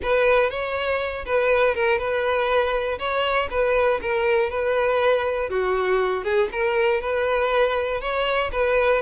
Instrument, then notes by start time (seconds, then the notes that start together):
violin
0.02 B4
0.50 C#5
1.25 B4
1.74 A#4
1.98 B4
2.98 C#5
3.50 B4
4.01 A#4
4.50 B4
5.49 F#4
6.23 G#4
6.52 A#4
7.00 B4
8.00 C#5
8.51 B4